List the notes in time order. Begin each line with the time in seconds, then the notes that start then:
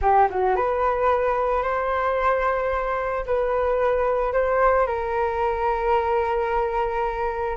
0.01 G4
0.30 F#4
0.56 B4
1.62 C5
3.26 B4
4.32 C5
4.86 A#4